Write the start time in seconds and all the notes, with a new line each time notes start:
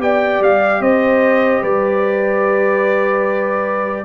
0.00 B3 G4 D5 G5
0.40 G3 F5
0.81 C4 C5 D#5
1.62 G3 B4 D5